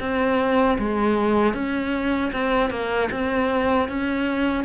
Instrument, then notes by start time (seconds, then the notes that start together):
cello
0.00 C4
0.79 G#3
1.54 C#4
2.33 C4
2.71 A#3
3.11 C4
3.89 C#4